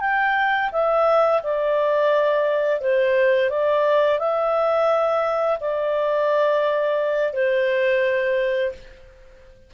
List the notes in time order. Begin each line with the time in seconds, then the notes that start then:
0.00 G5
0.71 E5
1.43 D5
2.80 C5
3.49 D5
4.19 E5
5.60 D5
7.33 C5